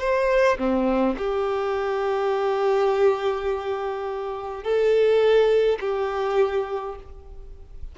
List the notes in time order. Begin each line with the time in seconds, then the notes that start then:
0.00 C5
0.59 C4
1.18 G4
4.64 A4
5.81 G4